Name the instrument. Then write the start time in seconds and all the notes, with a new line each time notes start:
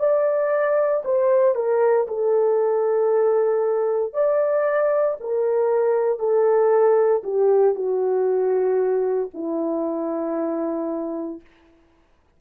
horn
0.00 D5
1.05 C5
1.55 A#4
2.08 A4
4.14 D5
5.20 A#4
6.19 A4
7.24 G4
7.75 F#4
9.34 E4